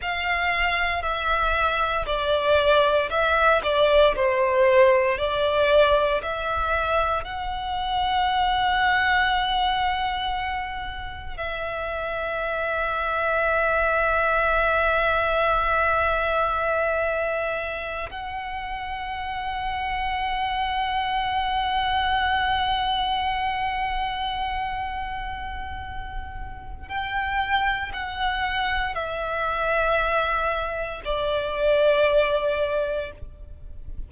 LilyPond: \new Staff \with { instrumentName = "violin" } { \time 4/4 \tempo 4 = 58 f''4 e''4 d''4 e''8 d''8 | c''4 d''4 e''4 fis''4~ | fis''2. e''4~ | e''1~ |
e''4. fis''2~ fis''8~ | fis''1~ | fis''2 g''4 fis''4 | e''2 d''2 | }